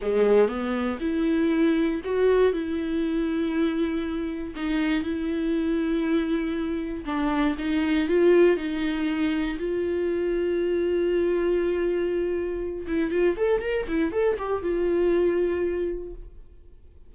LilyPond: \new Staff \with { instrumentName = "viola" } { \time 4/4 \tempo 4 = 119 gis4 b4 e'2 | fis'4 e'2.~ | e'4 dis'4 e'2~ | e'2 d'4 dis'4 |
f'4 dis'2 f'4~ | f'1~ | f'4. e'8 f'8 a'8 ais'8 e'8 | a'8 g'8 f'2. | }